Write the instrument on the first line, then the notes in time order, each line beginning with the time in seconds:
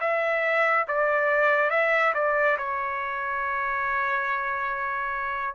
trumpet
0.00 E5
0.88 D5
1.70 E5
2.14 D5
2.58 C#5